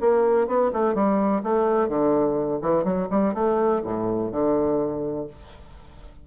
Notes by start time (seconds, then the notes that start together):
0.00 A#3
0.47 B3
0.72 A3
0.94 G3
1.43 A3
1.88 D3
2.61 E3
2.83 F#3
3.10 G3
3.34 A3
3.83 A2
4.31 D3